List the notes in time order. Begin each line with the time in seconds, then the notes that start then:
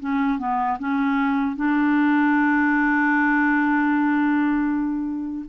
0.00 C#4
0.39 B3
0.79 C#4
1.56 D4